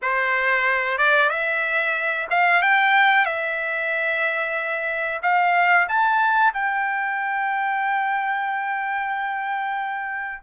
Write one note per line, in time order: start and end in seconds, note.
0.02 0.98 C5
0.98 1.29 D5
1.29 2.27 E5
2.30 2.62 F5
2.62 3.25 G5
3.25 5.21 E5
5.22 5.87 F5
5.88 6.53 A5
6.53 10.43 G5